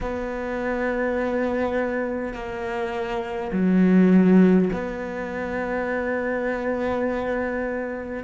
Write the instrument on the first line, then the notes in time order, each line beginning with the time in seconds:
cello
0.00 B3
2.33 A#3
3.52 F#3
4.73 B3